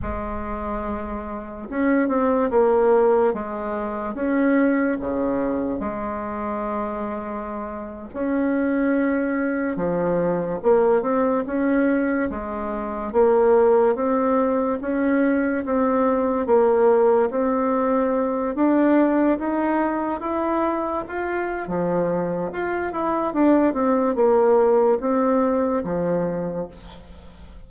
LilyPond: \new Staff \with { instrumentName = "bassoon" } { \time 4/4 \tempo 4 = 72 gis2 cis'8 c'8 ais4 | gis4 cis'4 cis4 gis4~ | gis4.~ gis16 cis'2 f16~ | f8. ais8 c'8 cis'4 gis4 ais16~ |
ais8. c'4 cis'4 c'4 ais16~ | ais8. c'4. d'4 dis'8.~ | dis'16 e'4 f'8. f4 f'8 e'8 | d'8 c'8 ais4 c'4 f4 | }